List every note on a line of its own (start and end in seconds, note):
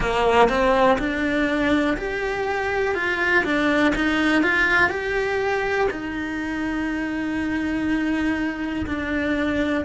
0.00 0.49 A#3
0.49 0.98 C4
0.98 1.96 D4
1.97 2.95 G4
2.95 3.44 F4
3.44 3.93 D4
3.95 4.43 D#4
4.43 4.89 F4
4.89 5.87 G4
5.90 8.85 D#4
8.86 9.84 D4